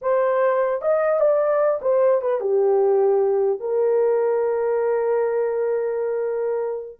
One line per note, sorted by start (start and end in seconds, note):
0.01 0.81 C5
0.81 1.19 D#5
1.19 1.79 D5
1.81 2.21 C5
2.21 2.40 B4
2.40 3.60 G4
3.60 7.00 A#4